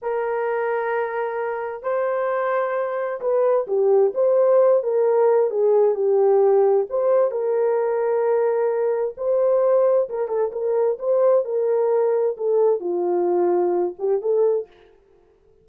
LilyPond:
\new Staff \with { instrumentName = "horn" } { \time 4/4 \tempo 4 = 131 ais'1 | c''2. b'4 | g'4 c''4. ais'4. | gis'4 g'2 c''4 |
ais'1 | c''2 ais'8 a'8 ais'4 | c''4 ais'2 a'4 | f'2~ f'8 g'8 a'4 | }